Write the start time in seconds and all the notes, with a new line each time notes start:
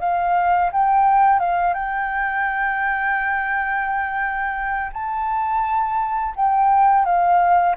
0.00 F5
0.73 G5
1.40 F5
1.74 G5
4.93 A5
6.36 G5
7.05 F5